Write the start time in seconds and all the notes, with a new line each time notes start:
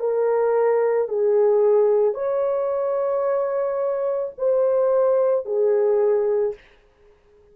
0.00 A#4
1.09 G#4
2.14 C#5
4.38 C5
5.45 G#4